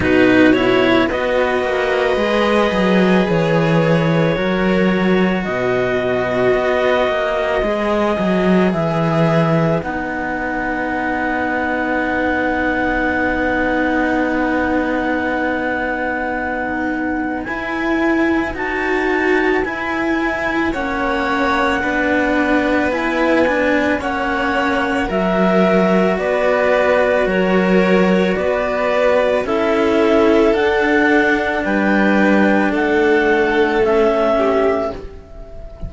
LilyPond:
<<
  \new Staff \with { instrumentName = "clarinet" } { \time 4/4 \tempo 4 = 55 b'8 cis''8 dis''2 cis''4~ | cis''4 dis''2. | e''4 fis''2.~ | fis''1 |
gis''4 a''4 gis''4 fis''4~ | fis''4 gis''4 fis''4 e''4 | d''4 cis''4 d''4 e''4 | fis''4 g''4 fis''4 e''4 | }
  \new Staff \with { instrumentName = "violin" } { \time 4/4 fis'4 b'2. | ais'4 b'2.~ | b'1~ | b'1~ |
b'2. cis''4 | b'2 cis''4 ais'4 | b'4 ais'4 b'4 a'4~ | a'4 b'4 a'4. g'8 | }
  \new Staff \with { instrumentName = "cello" } { \time 4/4 dis'8 e'8 fis'4 gis'2 | fis'2. gis'4~ | gis'4 dis'2.~ | dis'1 |
e'4 fis'4 e'4 cis'4 | d'4 e'8 d'8 cis'4 fis'4~ | fis'2. e'4 | d'2. cis'4 | }
  \new Staff \with { instrumentName = "cello" } { \time 4/4 b,4 b8 ais8 gis8 fis8 e4 | fis4 b,4 b8 ais8 gis8 fis8 | e4 b2.~ | b1 |
e'4 dis'4 e'4 ais4 | b2 ais4 fis4 | b4 fis4 b4 cis'4 | d'4 g4 a2 | }
>>